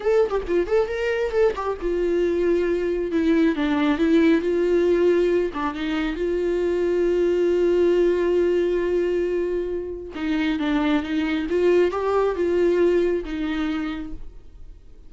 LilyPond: \new Staff \with { instrumentName = "viola" } { \time 4/4 \tempo 4 = 136 a'8. g'16 f'8 a'8 ais'4 a'8 g'8 | f'2. e'4 | d'4 e'4 f'2~ | f'8 d'8 dis'4 f'2~ |
f'1~ | f'2. dis'4 | d'4 dis'4 f'4 g'4 | f'2 dis'2 | }